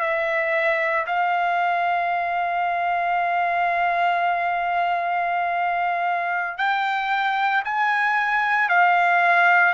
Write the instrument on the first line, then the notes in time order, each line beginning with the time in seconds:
trumpet
0.00 E5
1.06 F5
6.57 G5
7.64 G#5
8.68 F5